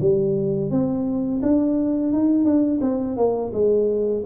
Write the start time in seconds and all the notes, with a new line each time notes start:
0.00 G3
0.71 C4
1.42 D4
2.13 D#4
2.44 D4
2.81 C4
3.17 A#3
3.53 G#3